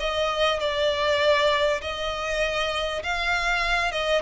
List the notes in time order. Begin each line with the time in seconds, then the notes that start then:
0.00 D#5
0.60 D5
1.82 D#5
3.03 F5
3.92 D#5